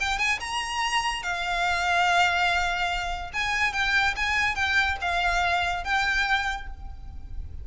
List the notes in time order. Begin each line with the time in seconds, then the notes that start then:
0.00 G5
0.19 G#5
0.40 A#5
1.23 F5
3.33 G#5
3.73 G5
4.16 G#5
4.55 G5
5.01 F5
5.84 G5